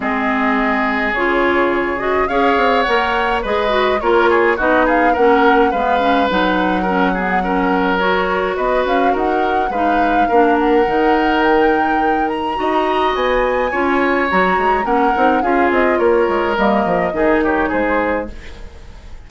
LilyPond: <<
  \new Staff \with { instrumentName = "flute" } { \time 4/4 \tempo 4 = 105 dis''2 cis''4. dis''8 | f''4 fis''4 dis''4 cis''4 | dis''8 f''8 fis''4 f''4 fis''4~ | fis''2 cis''4 dis''8 f''8 |
fis''4 f''4. fis''4. | g''4. ais''4. gis''4~ | gis''4 ais''4 fis''4 f''8 dis''8 | cis''4 dis''4. cis''8 c''4 | }
  \new Staff \with { instrumentName = "oboe" } { \time 4/4 gis'1 | cis''2 b'4 ais'8 gis'8 | fis'8 gis'8 ais'4 b'2 | ais'8 gis'8 ais'2 b'4 |
ais'4 b'4 ais'2~ | ais'2 dis''2 | cis''2 ais'4 gis'4 | ais'2 gis'8 g'8 gis'4 | }
  \new Staff \with { instrumentName = "clarinet" } { \time 4/4 c'2 f'4. fis'8 | gis'4 ais'4 gis'8 fis'8 f'4 | dis'4 cis'4 b8 cis'8 dis'4 | cis'8 b8 cis'4 fis'2~ |
fis'4 dis'4 d'4 dis'4~ | dis'2 fis'2 | f'4 fis'4 cis'8 dis'8 f'4~ | f'4 ais4 dis'2 | }
  \new Staff \with { instrumentName = "bassoon" } { \time 4/4 gis2 cis2 | cis'8 c'8 ais4 gis4 ais4 | b4 ais4 gis4 fis4~ | fis2. b8 cis'8 |
dis'4 gis4 ais4 dis4~ | dis2 dis'4 b4 | cis'4 fis8 gis8 ais8 c'8 cis'8 c'8 | ais8 gis8 g8 f8 dis4 gis4 | }
>>